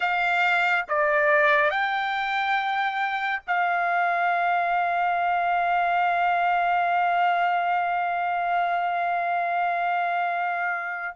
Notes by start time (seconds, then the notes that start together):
0.00 F5
0.88 D5
1.70 G5
3.47 F5